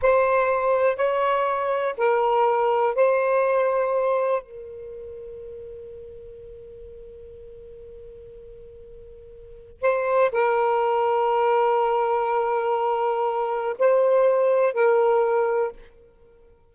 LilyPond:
\new Staff \with { instrumentName = "saxophone" } { \time 4/4 \tempo 4 = 122 c''2 cis''2 | ais'2 c''2~ | c''4 ais'2.~ | ais'1~ |
ais'1 | c''4 ais'2.~ | ais'1 | c''2 ais'2 | }